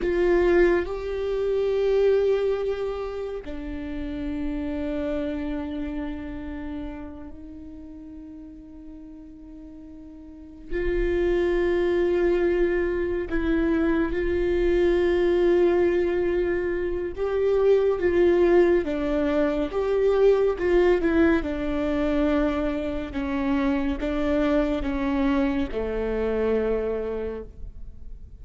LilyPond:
\new Staff \with { instrumentName = "viola" } { \time 4/4 \tempo 4 = 70 f'4 g'2. | d'1~ | d'8 dis'2.~ dis'8~ | dis'8 f'2. e'8~ |
e'8 f'2.~ f'8 | g'4 f'4 d'4 g'4 | f'8 e'8 d'2 cis'4 | d'4 cis'4 a2 | }